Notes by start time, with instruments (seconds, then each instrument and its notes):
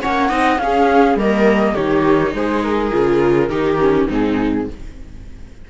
0.00 cello A#3, viola C#4 C#5, flute F#5
0.29 cello C4, viola D#4 D#5
0.58 cello C#4, viola C#4 G#4, flute F5
1.15 cello G3, viola A#3 A#4, flute D#5
1.74 cello D#3, viola D#4 G4, flute C#5
2.33 cello G#3, viola G#4, flute C5
2.62 flute A#4
2.91 cello C#3, viola F4
3.49 cello D#3, viola D#4 G4
3.79 viola C#4
4.07 cello G#2, viola C4 D#4, flute G#4